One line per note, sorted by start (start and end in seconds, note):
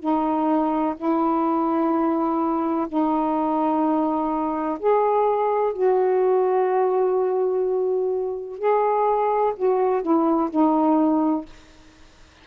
0.00 0.95 D#4
0.97 2.87 E4
2.89 4.79 D#4
4.80 5.74 G#4
5.74 8.59 F#4
8.59 9.54 G#4
9.57 10.03 F#4
10.03 10.50 E4
10.51 11.46 D#4